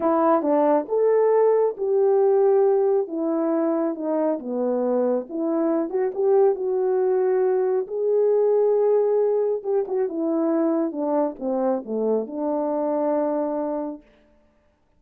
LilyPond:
\new Staff \with { instrumentName = "horn" } { \time 4/4 \tempo 4 = 137 e'4 d'4 a'2 | g'2. e'4~ | e'4 dis'4 b2 | e'4. fis'8 g'4 fis'4~ |
fis'2 gis'2~ | gis'2 g'8 fis'8 e'4~ | e'4 d'4 c'4 a4 | d'1 | }